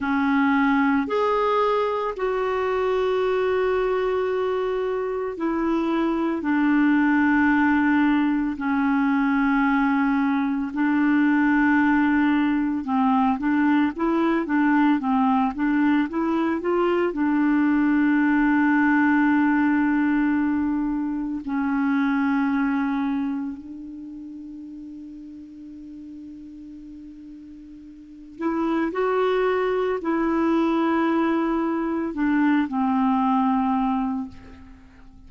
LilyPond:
\new Staff \with { instrumentName = "clarinet" } { \time 4/4 \tempo 4 = 56 cis'4 gis'4 fis'2~ | fis'4 e'4 d'2 | cis'2 d'2 | c'8 d'8 e'8 d'8 c'8 d'8 e'8 f'8 |
d'1 | cis'2 d'2~ | d'2~ d'8 e'8 fis'4 | e'2 d'8 c'4. | }